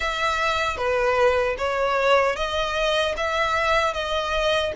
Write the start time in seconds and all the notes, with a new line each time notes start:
0.00 E5
0.77 B4
1.58 C#5
2.35 D#5
3.16 E5
3.93 D#5